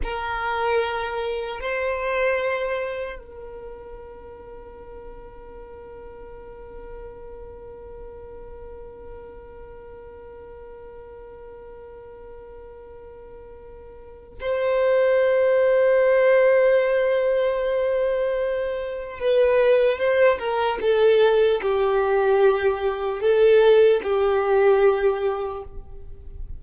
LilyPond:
\new Staff \with { instrumentName = "violin" } { \time 4/4 \tempo 4 = 75 ais'2 c''2 | ais'1~ | ais'1~ | ais'1~ |
ais'2 c''2~ | c''1 | b'4 c''8 ais'8 a'4 g'4~ | g'4 a'4 g'2 | }